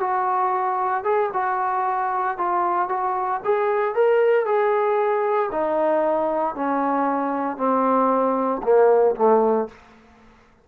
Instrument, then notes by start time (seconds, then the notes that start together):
trombone
0.00 F#4
1.04 G#4
1.33 F#4
2.37 F4
2.89 F#4
3.44 G#4
3.95 A#4
4.46 G#4
5.51 D#4
6.55 C#4
7.57 C4
8.63 A#3
9.16 A3